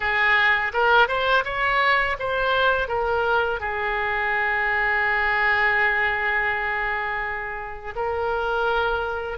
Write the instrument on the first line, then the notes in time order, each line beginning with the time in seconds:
oboe
0.00 G#4
0.73 A#4
1.07 C5
1.44 C#5
2.19 C5
2.88 A#4
3.60 G#4
7.95 A#4